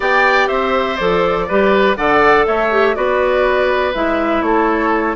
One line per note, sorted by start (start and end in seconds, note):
0.00 0.48 B3
0.00 0.97 G4
0.00 0.47 D5
0.00 0.47 G5
0.47 0.98 C4
0.47 1.46 C5
0.47 0.96 E5
0.96 1.49 F3
0.96 1.48 A4
0.96 1.94 D5
1.48 1.96 G3
1.48 1.96 G4
1.48 1.97 B4
1.96 2.45 D3
1.96 2.70 A4
1.96 2.46 D5
1.96 2.45 F#5
2.46 2.96 A3
2.46 2.96 C#5
2.46 2.95 E5
2.70 2.95 G4
2.95 3.94 B3
2.95 3.93 F#4
2.95 4.44 B4
2.95 3.93 D5
3.94 4.41 G#3
3.94 5.16 E4
3.94 4.42 E5
4.41 5.15 A3
4.41 5.16 A4
4.41 5.15 C#5